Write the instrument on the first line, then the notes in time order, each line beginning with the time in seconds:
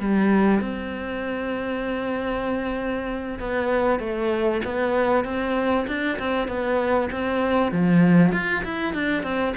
cello
0.00 G3
0.61 C4
3.40 B3
4.00 A3
4.65 B3
5.25 C4
5.88 D4
6.19 C4
6.48 B3
7.12 C4
7.72 F3
8.33 F4
8.65 E4
8.94 D4
9.23 C4